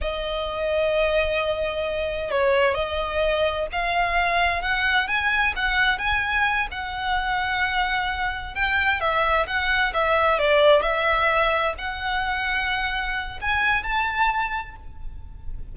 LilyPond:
\new Staff \with { instrumentName = "violin" } { \time 4/4 \tempo 4 = 130 dis''1~ | dis''4 cis''4 dis''2 | f''2 fis''4 gis''4 | fis''4 gis''4. fis''4.~ |
fis''2~ fis''8 g''4 e''8~ | e''8 fis''4 e''4 d''4 e''8~ | e''4. fis''2~ fis''8~ | fis''4 gis''4 a''2 | }